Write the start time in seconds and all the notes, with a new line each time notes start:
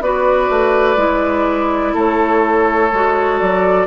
0.00 B3 F#4 B4 D5
0.49 A3
0.96 G#3 E4
1.93 A3 A4 C#5
2.92 G#3 F#4
3.39 F#3 D5